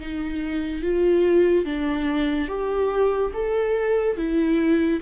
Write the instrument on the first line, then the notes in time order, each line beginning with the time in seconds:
viola
0.00 D#4
0.83 F4
1.66 D4
2.48 G4
3.34 A4
4.17 E4